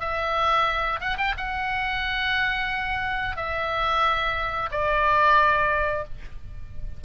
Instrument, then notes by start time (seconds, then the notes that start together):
oboe
0.00 E5
1.00 F#5
1.18 G5
1.37 F#5
3.36 E5
4.71 D5